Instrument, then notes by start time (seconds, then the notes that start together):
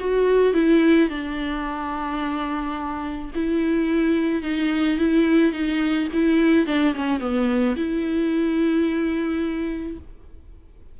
viola
0.00 F#4
0.54 E4
1.10 D4
3.35 E4
4.43 D#4
4.98 E4
5.53 D#4
6.14 E4
6.67 D4
6.95 C#4
7.20 B3
7.76 E4